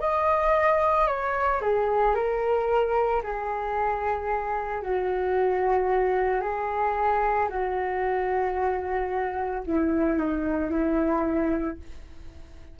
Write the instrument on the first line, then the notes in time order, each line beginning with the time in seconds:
flute
0.00 D#5
1.07 C#5
1.61 G#4
2.15 A#4
3.23 G#4
4.83 F#4
6.41 G#4
7.49 F#4
9.66 E4
10.18 D#4
10.70 E4